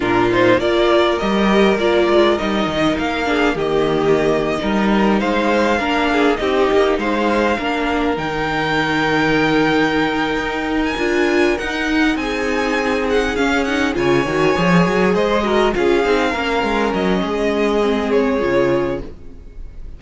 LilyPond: <<
  \new Staff \with { instrumentName = "violin" } { \time 4/4 \tempo 4 = 101 ais'8 c''8 d''4 dis''4 d''4 | dis''4 f''4 dis''2~ | dis''8. f''2 dis''4 f''16~ | f''4.~ f''16 g''2~ g''16~ |
g''2~ g''16 gis''4~ gis''16 fis''8~ | fis''8 gis''4. fis''8 f''8 fis''8 gis''8~ | gis''4. dis''4 f''4.~ | f''8 dis''2 cis''4. | }
  \new Staff \with { instrumentName = "violin" } { \time 4/4 f'4 ais'2.~ | ais'4. gis'8 g'4.~ g'16 ais'16~ | ais'8. c''4 ais'8 gis'8 g'4 c''16~ | c''8. ais'2.~ ais'16~ |
ais'1~ | ais'8 gis'2. cis''8~ | cis''4. c''8 ais'8 gis'4 ais'8~ | ais'4 gis'2. | }
  \new Staff \with { instrumentName = "viola" } { \time 4/4 d'8 dis'8 f'4 g'4 f'4 | dis'4. d'8 ais4.~ ais16 dis'16~ | dis'4.~ dis'16 d'4 dis'4~ dis'16~ | dis'8. d'4 dis'2~ dis'16~ |
dis'2~ dis'8 f'4 dis'8~ | dis'2~ dis'8 cis'8 dis'8 f'8 | fis'8 gis'4. fis'8 f'8 dis'8 cis'8~ | cis'2 c'4 f'4 | }
  \new Staff \with { instrumentName = "cello" } { \time 4/4 ais,4 ais4 g4 ais8 gis8 | g8 dis8 ais4 dis4.~ dis16 g16~ | g8. gis4 ais4 c'8 ais8 gis16~ | gis8. ais4 dis2~ dis16~ |
dis4. dis'4 d'4 dis'8~ | dis'8 c'2 cis'4 cis8 | dis8 f8 fis8 gis4 cis'8 c'8 ais8 | gis8 fis8 gis2 cis4 | }
>>